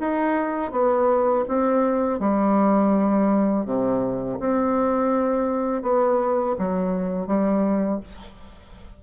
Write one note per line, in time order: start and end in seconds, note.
0.00 0.72 D#4
0.72 1.45 B3
1.48 2.20 C4
2.20 3.66 G3
3.66 4.39 C3
4.40 5.83 C4
5.83 6.56 B3
6.59 7.27 F#3
7.27 8.00 G3